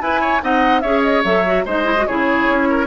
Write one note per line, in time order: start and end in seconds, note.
0.00 0.41 E4
0.00 0.42 E4
0.00 0.21 B4
0.00 0.43 G#5
0.21 0.42 C#5
0.41 0.83 C4
0.41 0.82 D#4
0.41 0.82 D#5
0.41 0.80 F#5
0.80 1.24 C#4
0.80 1.25 G#4
0.80 1.64 C#5
0.80 1.01 E5
1.03 1.23 D#5
1.24 1.66 F#3
1.24 1.46 A4
1.24 1.66 E5
1.46 1.67 F#4
1.65 2.07 G#3
1.65 1.84 D#4
1.65 2.06 C5
1.65 2.07 D#5
1.84 1.94 E4
1.97 2.07 F#4
2.07 2.49 C#3
2.07 2.87 E4
2.07 2.69 G#4
2.07 2.87 C#5
2.49 2.87 C#4
2.70 2.87 A#4